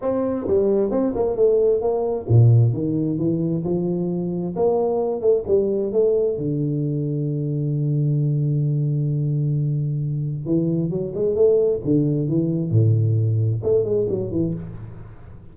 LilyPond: \new Staff \with { instrumentName = "tuba" } { \time 4/4 \tempo 4 = 132 c'4 g4 c'8 ais8 a4 | ais4 ais,4 dis4 e4 | f2 ais4. a8 | g4 a4 d2~ |
d1~ | d2. e4 | fis8 gis8 a4 d4 e4 | a,2 a8 gis8 fis8 e8 | }